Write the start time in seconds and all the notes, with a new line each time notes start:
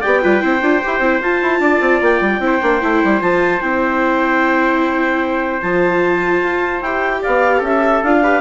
0.00 B3 G4 D5 G5
0.22 G3 F4 B4
0.40 C4 E4 C5
0.61 D4 F4
0.83 E4 G4
0.99 C4 E4
1.20 F4 A5
1.41 E4
1.59 D4 D5
1.80 C4
2.01 A#3 G5
2.20 G3
2.39 C4 E4
2.46 C5
2.62 A#3 D4
2.80 A3 E4
3.04 G3
3.20 F3 F4 A5
3.61 C4 E4 G5
5.61 F3 F4 A5
6.41 F4
6.81 E4 G4 G5
7.21 B3 D5 F5
7.57 C#4 A4
7.64 E5
8.03 D4 F4 F5
8.22 G4 B4